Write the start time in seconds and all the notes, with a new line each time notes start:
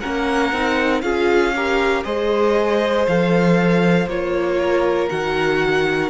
0.00 A#3 C#4 A#4 F#5
0.52 C4 D#4
1.01 C#4 F4 G#4 F5
1.55 G4 A#4
2.04 G#3 G#4 C5 D#5
3.06 F3 A4 F5
4.07 A#3 F4 C#5
4.59 A#4
5.08 D#3 F#4 F#5